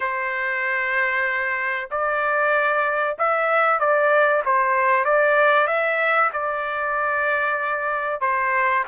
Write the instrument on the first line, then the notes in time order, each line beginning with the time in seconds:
trumpet
0.00 C5
1.90 D5
3.18 E5
3.79 D5
4.45 C5
5.04 D5
5.67 E5
6.32 D5
8.20 C5